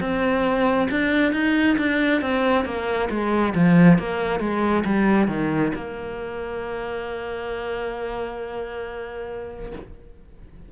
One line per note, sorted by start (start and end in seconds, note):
0.00 0.88 C4
0.91 1.32 D4
1.32 1.76 D#4
1.78 2.21 D4
2.21 2.65 C4
2.65 3.09 A#3
3.09 3.53 G#3
3.54 3.98 F3
3.98 4.40 A#3
4.40 4.84 G#3
4.84 5.27 G3
5.27 5.72 D#3
5.75 9.72 A#3